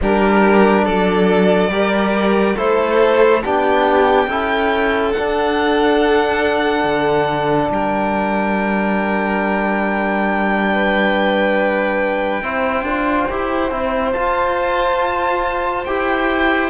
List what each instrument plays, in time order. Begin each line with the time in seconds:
0.00 cello G3, trombone D4, violin G4 A#4
0.84 cello F#3, violin A4 D5
1.68 cello G3, trombone G4, violin A#4
2.56 cello A3, trombone E4, violin A4 C5
3.44 cello B3, trombone D4, violin G4 G5
4.27 cello C#4, trombone E4, violin A4
5.12 trombone D4, cello D4, violin F#5
6.84 cello D3
7.70 cello G3, violin A#4 G5
10.72 violin B4
12.41 cello C4, trombone E4, violin C5
12.82 cello D4, trombone F4
13.30 cello E4, trombone G4
13.70 cello C4, trombone E4
14.12 trombone F4, cello F4, violin A5
15.85 cello E4, trombone G4, violin G5